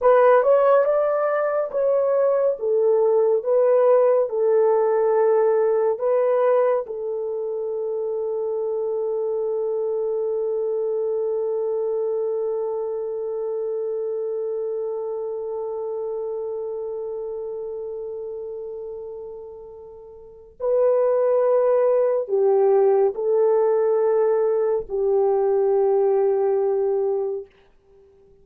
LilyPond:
\new Staff \with { instrumentName = "horn" } { \time 4/4 \tempo 4 = 70 b'8 cis''8 d''4 cis''4 a'4 | b'4 a'2 b'4 | a'1~ | a'1~ |
a'1~ | a'1 | b'2 g'4 a'4~ | a'4 g'2. | }